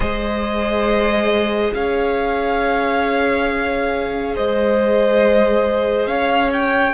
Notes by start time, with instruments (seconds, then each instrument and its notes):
0.00 cello G#3, viola G#4, violin C5 D#5
1.74 cello C#4, violin C#5 F5
4.35 cello G#3, violin C5 D#5
6.06 cello C#4, violin C#5 F5
6.53 violin G5